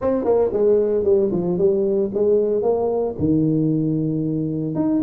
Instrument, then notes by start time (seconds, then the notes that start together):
tuba
0.01 C4
0.24 A#3
0.53 G#3
1.04 G3
1.31 F3
1.58 G3
2.14 G#3
2.62 A#3
3.18 D#3
4.75 D#4